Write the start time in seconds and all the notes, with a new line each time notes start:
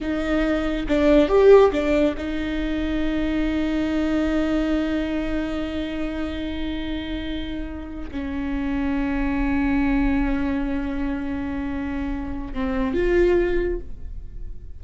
0.00 D#4
0.88 D4
1.28 G4
1.72 D4
2.17 D#4
8.11 C#4
12.53 C4
12.93 F4